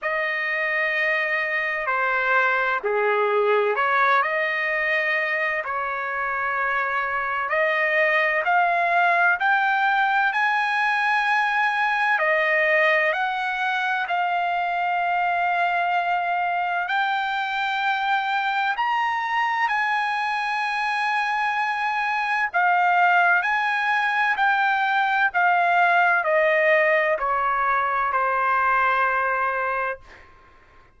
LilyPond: \new Staff \with { instrumentName = "trumpet" } { \time 4/4 \tempo 4 = 64 dis''2 c''4 gis'4 | cis''8 dis''4. cis''2 | dis''4 f''4 g''4 gis''4~ | gis''4 dis''4 fis''4 f''4~ |
f''2 g''2 | ais''4 gis''2. | f''4 gis''4 g''4 f''4 | dis''4 cis''4 c''2 | }